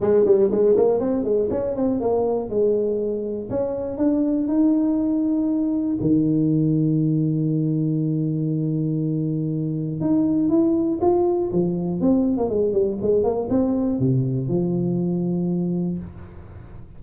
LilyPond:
\new Staff \with { instrumentName = "tuba" } { \time 4/4 \tempo 4 = 120 gis8 g8 gis8 ais8 c'8 gis8 cis'8 c'8 | ais4 gis2 cis'4 | d'4 dis'2. | dis1~ |
dis1 | dis'4 e'4 f'4 f4 | c'8. ais16 gis8 g8 gis8 ais8 c'4 | c4 f2. | }